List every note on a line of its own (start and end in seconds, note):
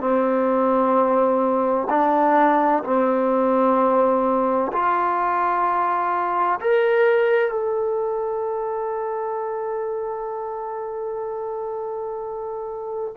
0.00 1.87 C4
1.90 2.83 D4
2.84 4.71 C4
4.72 6.60 F4
6.61 7.51 A#4
7.51 13.14 A4